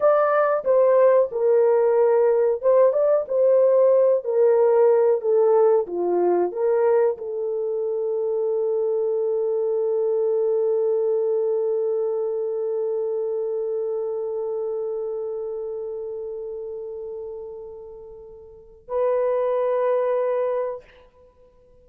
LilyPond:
\new Staff \with { instrumentName = "horn" } { \time 4/4 \tempo 4 = 92 d''4 c''4 ais'2 | c''8 d''8 c''4. ais'4. | a'4 f'4 ais'4 a'4~ | a'1~ |
a'1~ | a'1~ | a'1~ | a'4 b'2. | }